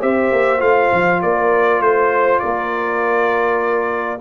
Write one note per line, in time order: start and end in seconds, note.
0.00 0.31 C4
0.00 0.59 G4
0.00 1.20 C5
0.00 0.61 E5
0.31 0.61 A#3
0.59 0.91 A3
0.59 4.19 F4
0.59 1.21 F5
0.92 1.22 F3
1.22 1.80 A#3
1.22 1.83 A#4
1.22 1.82 D5
1.80 2.40 A3
1.80 2.39 C5
1.80 2.41 C5
2.39 4.21 A#3
2.39 4.21 A#4
2.39 4.19 D5